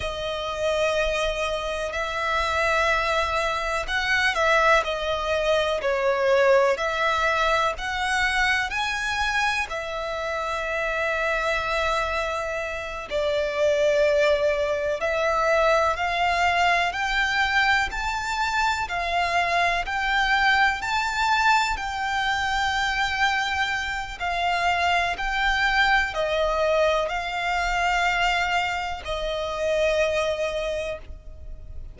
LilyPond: \new Staff \with { instrumentName = "violin" } { \time 4/4 \tempo 4 = 62 dis''2 e''2 | fis''8 e''8 dis''4 cis''4 e''4 | fis''4 gis''4 e''2~ | e''4. d''2 e''8~ |
e''8 f''4 g''4 a''4 f''8~ | f''8 g''4 a''4 g''4.~ | g''4 f''4 g''4 dis''4 | f''2 dis''2 | }